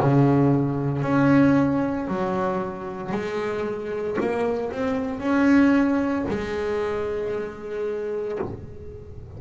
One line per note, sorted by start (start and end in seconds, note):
0.00 1.02 C#3
1.02 2.08 C#4
2.08 3.12 F#3
3.12 4.18 G#3
4.21 4.72 A#3
4.72 5.20 C4
5.20 6.25 C#4
6.29 8.39 G#3